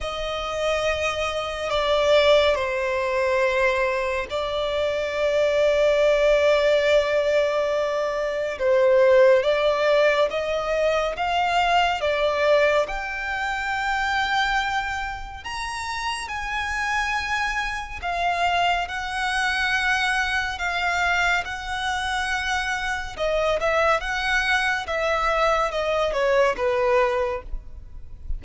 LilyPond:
\new Staff \with { instrumentName = "violin" } { \time 4/4 \tempo 4 = 70 dis''2 d''4 c''4~ | c''4 d''2.~ | d''2 c''4 d''4 | dis''4 f''4 d''4 g''4~ |
g''2 ais''4 gis''4~ | gis''4 f''4 fis''2 | f''4 fis''2 dis''8 e''8 | fis''4 e''4 dis''8 cis''8 b'4 | }